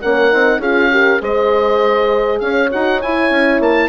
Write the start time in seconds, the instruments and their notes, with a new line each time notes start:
0.00 bassoon A#3, horn C#4 A#4, oboe F#5
0.30 bassoon C4, horn D#4
0.58 bassoon C#4, horn F4 G#4, oboe F5
0.91 horn G4 A#4
1.19 bassoon G#3, horn G#4 C5, oboe D#5
2.39 bassoon C#4, horn C#5, oboe F5
2.71 bassoon D#4, horn F#4, oboe F#5
3.01 bassoon E4, horn E4, oboe G#5
3.30 bassoon C#4
3.60 bassoon A#3, oboe A5